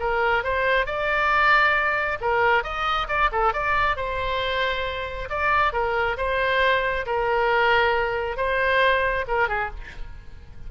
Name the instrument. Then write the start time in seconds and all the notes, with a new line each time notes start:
oboe
0.00 A#4
0.44 C5
0.86 D5
2.21 A#4
2.64 D#5
3.09 D5
3.32 A4
3.54 D5
3.97 C5
5.30 D5
5.73 A#4
6.18 C5
7.06 A#4
8.37 C5
9.28 A#4
9.49 G#4